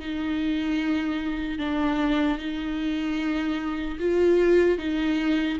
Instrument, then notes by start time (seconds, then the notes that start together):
viola
0.00 D#4
1.59 D4
2.39 D#4
4.00 F4
4.79 D#4